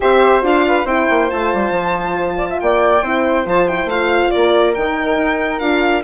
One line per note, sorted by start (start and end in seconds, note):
0.00 0.43 C4
0.00 0.42 G4
0.00 0.65 C5
0.00 0.44 E5
0.42 0.85 D4
0.42 0.85 F4
0.42 0.87 F5
0.67 0.85 B4
0.85 1.07 C4
0.85 1.28 E4
0.85 2.36 C5
0.85 1.30 G5
1.09 1.31 A#3
1.28 1.53 A3
1.28 3.01 F4
1.28 2.59 A5
1.53 1.70 G3
1.70 2.56 F3
2.37 2.48 D5
2.49 2.60 E5
2.59 3.02 A#3
2.59 3.03 D5
2.59 3.46 G5
3.02 3.45 C4
3.02 3.45 E4
3.02 4.32 C5
3.45 3.84 F3
3.45 3.67 F4
3.45 3.67 A5
3.67 3.89 E4
3.67 3.89 G5
3.84 4.28 A3
3.84 4.75 F4
3.84 4.30 F5
4.30 4.76 A#3
4.30 6.03 A#4
4.30 4.73 D5
4.74 5.17 D#3
4.74 5.60 D#4
4.74 5.59 G5
5.17 5.60 D#4
5.59 6.03 D4
5.59 6.03 F4
5.59 6.02 F5